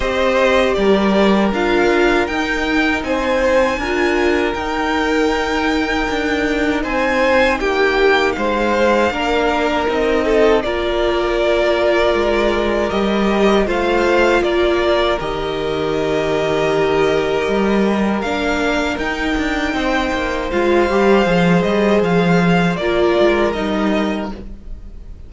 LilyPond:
<<
  \new Staff \with { instrumentName = "violin" } { \time 4/4 \tempo 4 = 79 dis''4 d''4 f''4 g''4 | gis''2 g''2~ | g''4 gis''4 g''4 f''4~ | f''4 dis''4 d''2~ |
d''4 dis''4 f''4 d''4 | dis''1 | f''4 g''2 f''4~ | f''8 dis''8 f''4 d''4 dis''4 | }
  \new Staff \with { instrumentName = "violin" } { \time 4/4 c''4 ais'2. | c''4 ais'2.~ | ais'4 c''4 g'4 c''4 | ais'4. a'8 ais'2~ |
ais'2 c''4 ais'4~ | ais'1~ | ais'2 c''2~ | c''2 ais'2 | }
  \new Staff \with { instrumentName = "viola" } { \time 4/4 g'2 f'4 dis'4~ | dis'4 f'4 dis'2~ | dis'1 | d'4 dis'4 f'2~ |
f'4 g'4 f'2 | g'1 | d'4 dis'2 f'8 g'8 | gis'2 f'4 dis'4 | }
  \new Staff \with { instrumentName = "cello" } { \time 4/4 c'4 g4 d'4 dis'4 | c'4 d'4 dis'2 | d'4 c'4 ais4 gis4 | ais4 c'4 ais2 |
gis4 g4 a4 ais4 | dis2. g4 | ais4 dis'8 d'8 c'8 ais8 gis8 g8 | f8 g8 f4 ais8 gis8 g4 | }
>>